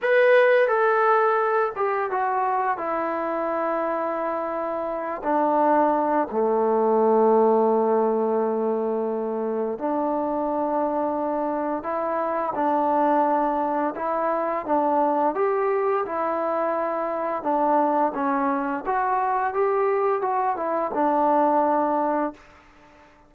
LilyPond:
\new Staff \with { instrumentName = "trombone" } { \time 4/4 \tempo 4 = 86 b'4 a'4. g'8 fis'4 | e'2.~ e'8 d'8~ | d'4 a2.~ | a2 d'2~ |
d'4 e'4 d'2 | e'4 d'4 g'4 e'4~ | e'4 d'4 cis'4 fis'4 | g'4 fis'8 e'8 d'2 | }